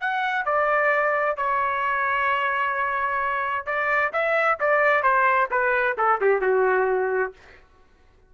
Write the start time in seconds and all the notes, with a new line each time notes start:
0.00 F#5
0.45 D5
1.37 C#5
3.66 D5
4.12 E5
4.60 D5
5.03 C5
5.51 B4
5.98 A4
6.21 G4
6.41 F#4